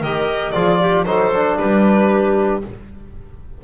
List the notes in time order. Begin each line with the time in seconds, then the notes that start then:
0.00 D#3 G4 A#4 D#5
0.51 F3 F4 G#4 D5
0.80 G4
1.05 F#3 D#4 A4 C5
1.33 D4
1.58 G3 G4 B4